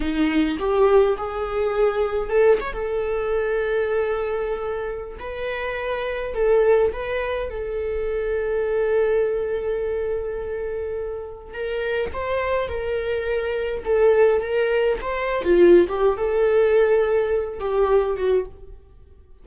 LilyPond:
\new Staff \with { instrumentName = "viola" } { \time 4/4 \tempo 4 = 104 dis'4 g'4 gis'2 | a'8 cis''16 a'2.~ a'16~ | a'4 b'2 a'4 | b'4 a'2.~ |
a'1 | ais'4 c''4 ais'2 | a'4 ais'4 c''8. f'8. g'8 | a'2~ a'8 g'4 fis'8 | }